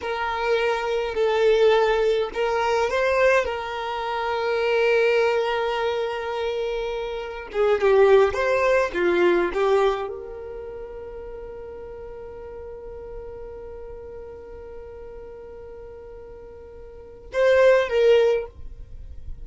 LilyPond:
\new Staff \with { instrumentName = "violin" } { \time 4/4 \tempo 4 = 104 ais'2 a'2 | ais'4 c''4 ais'2~ | ais'1~ | ais'4 gis'8 g'4 c''4 f'8~ |
f'8 g'4 ais'2~ ais'8~ | ais'1~ | ais'1~ | ais'2 c''4 ais'4 | }